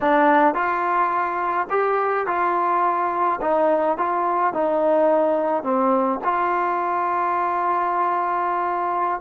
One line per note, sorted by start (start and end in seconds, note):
0.01 0.54 D4
0.54 1.67 F4
1.70 2.26 G4
2.26 3.40 F4
3.41 3.97 D#4
3.97 4.53 F4
4.53 5.63 D#4
5.63 6.19 C4
6.24 9.20 F4